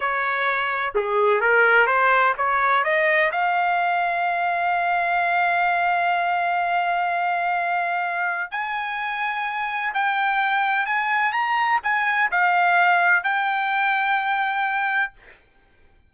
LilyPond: \new Staff \with { instrumentName = "trumpet" } { \time 4/4 \tempo 4 = 127 cis''2 gis'4 ais'4 | c''4 cis''4 dis''4 f''4~ | f''1~ | f''1~ |
f''2 gis''2~ | gis''4 g''2 gis''4 | ais''4 gis''4 f''2 | g''1 | }